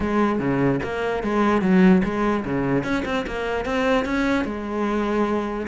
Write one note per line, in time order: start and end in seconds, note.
0.00 0.39 G#3
0.39 0.79 C#3
0.83 1.23 A#3
1.23 1.61 G#3
1.61 2.02 F#3
2.04 2.44 G#3
2.44 2.83 C#3
2.83 3.03 C#4
3.05 3.25 C4
3.26 3.65 A#3
3.65 4.05 C4
4.05 4.45 C#4
4.45 5.66 G#3